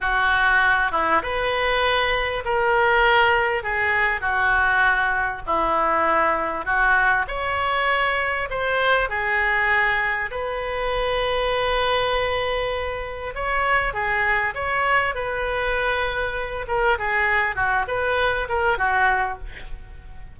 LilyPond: \new Staff \with { instrumentName = "oboe" } { \time 4/4 \tempo 4 = 99 fis'4. e'8 b'2 | ais'2 gis'4 fis'4~ | fis'4 e'2 fis'4 | cis''2 c''4 gis'4~ |
gis'4 b'2.~ | b'2 cis''4 gis'4 | cis''4 b'2~ b'8 ais'8 | gis'4 fis'8 b'4 ais'8 fis'4 | }